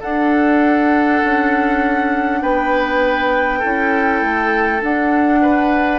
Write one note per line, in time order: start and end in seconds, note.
0.00 3.62 D4
0.00 1.23 D4
0.00 2.40 A4
0.00 2.42 F#5
1.24 2.42 C#4
2.42 3.62 B3
2.42 3.59 B4
2.42 4.82 G5
3.59 4.21 C#4
3.59 4.81 E4
3.59 5.39 A4
4.21 4.82 A3
4.81 5.99 D4
4.81 5.99 F#5
5.42 5.99 B4